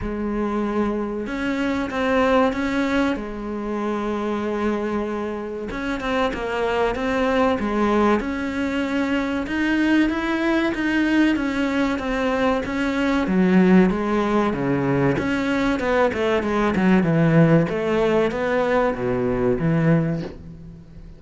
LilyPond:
\new Staff \with { instrumentName = "cello" } { \time 4/4 \tempo 4 = 95 gis2 cis'4 c'4 | cis'4 gis2.~ | gis4 cis'8 c'8 ais4 c'4 | gis4 cis'2 dis'4 |
e'4 dis'4 cis'4 c'4 | cis'4 fis4 gis4 cis4 | cis'4 b8 a8 gis8 fis8 e4 | a4 b4 b,4 e4 | }